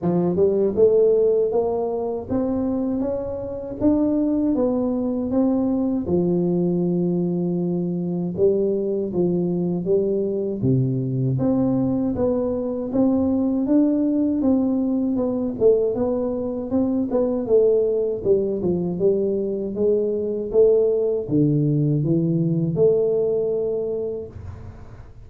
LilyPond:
\new Staff \with { instrumentName = "tuba" } { \time 4/4 \tempo 4 = 79 f8 g8 a4 ais4 c'4 | cis'4 d'4 b4 c'4 | f2. g4 | f4 g4 c4 c'4 |
b4 c'4 d'4 c'4 | b8 a8 b4 c'8 b8 a4 | g8 f8 g4 gis4 a4 | d4 e4 a2 | }